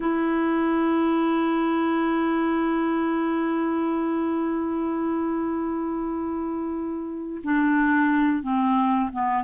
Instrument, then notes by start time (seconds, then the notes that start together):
clarinet
0.00 E4
7.43 D4
8.42 C4
9.12 B3